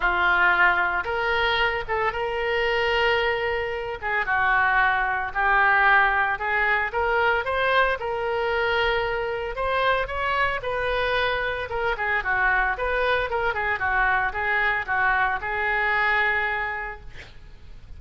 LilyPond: \new Staff \with { instrumentName = "oboe" } { \time 4/4 \tempo 4 = 113 f'2 ais'4. a'8 | ais'2.~ ais'8 gis'8 | fis'2 g'2 | gis'4 ais'4 c''4 ais'4~ |
ais'2 c''4 cis''4 | b'2 ais'8 gis'8 fis'4 | b'4 ais'8 gis'8 fis'4 gis'4 | fis'4 gis'2. | }